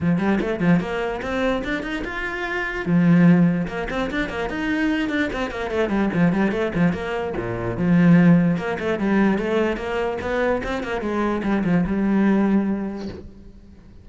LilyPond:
\new Staff \with { instrumentName = "cello" } { \time 4/4 \tempo 4 = 147 f8 g8 a8 f8 ais4 c'4 | d'8 dis'8 f'2 f4~ | f4 ais8 c'8 d'8 ais8 dis'4~ | dis'8 d'8 c'8 ais8 a8 g8 f8 g8 |
a8 f8 ais4 ais,4 f4~ | f4 ais8 a8 g4 a4 | ais4 b4 c'8 ais8 gis4 | g8 f8 g2. | }